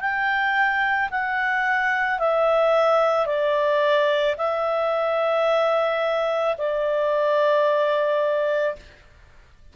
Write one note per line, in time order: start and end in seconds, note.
0.00 1.09 G5
1.11 2.19 F#5
2.19 3.26 E5
3.26 4.35 D5
4.37 6.56 E5
6.58 8.76 D5